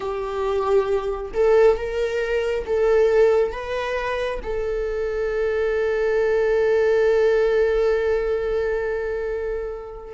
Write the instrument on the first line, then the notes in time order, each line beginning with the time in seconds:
viola
0.00 G4
1.33 A4
1.76 A#4
2.66 A4
3.51 B4
4.42 A4